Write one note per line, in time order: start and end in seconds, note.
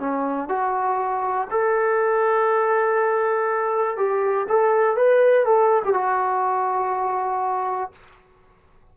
0.00 0.49 C#4
0.49 1.48 F#4
1.51 3.97 A4
3.97 4.47 G4
4.49 4.97 A4
4.97 5.46 B4
5.46 5.83 A4
5.85 5.94 G4
5.94 7.92 F#4